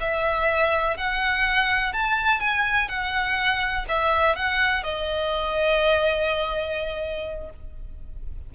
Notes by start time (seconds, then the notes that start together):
0.00 E5
0.97 F#5
1.93 A5
2.40 G#5
2.89 F#5
3.88 E5
4.36 F#5
4.84 D#5